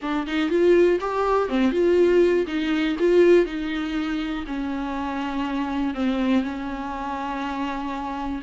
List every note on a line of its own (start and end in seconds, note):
0.02 0.26 D4
0.26 0.49 D#4
0.49 0.99 F4
1.00 1.49 G4
1.49 1.71 C4
1.71 2.45 F4
2.46 2.96 D#4
2.99 3.45 F4
3.45 4.44 D#4
4.46 5.94 C#4
5.94 6.43 C4
6.43 8.41 C#4